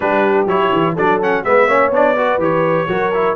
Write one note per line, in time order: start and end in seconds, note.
0.00 0.46 G3
0.00 0.47 D4
0.00 0.94 G4
0.00 0.47 B4
0.46 0.70 F#3
0.46 0.96 E4
0.46 0.96 C#5
0.72 0.96 E3
0.94 1.44 F#3
0.94 1.21 D4
0.94 1.42 A4
0.94 1.21 D5
1.21 1.44 C#4
1.21 1.44 F#5
1.44 1.67 G#3
1.44 1.68 B3
1.44 1.68 B4
1.44 1.92 E5
1.67 1.90 A#3
1.67 1.92 C#4
1.67 2.16 C#5
1.90 2.37 B3
1.90 2.16 D4
1.90 2.42 D5
2.16 2.40 F#4
2.16 2.88 B4
2.37 2.85 E3
2.37 2.88 G4
2.37 3.36 C#5
2.88 3.36 F#3
2.88 3.12 F#4
2.88 3.36 A#4
3.13 3.36 E4